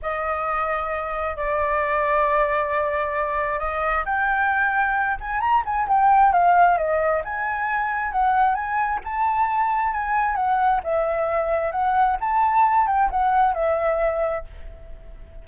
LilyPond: \new Staff \with { instrumentName = "flute" } { \time 4/4 \tempo 4 = 133 dis''2. d''4~ | d''1 | dis''4 g''2~ g''8 gis''8 | ais''8 gis''8 g''4 f''4 dis''4 |
gis''2 fis''4 gis''4 | a''2 gis''4 fis''4 | e''2 fis''4 a''4~ | a''8 g''8 fis''4 e''2 | }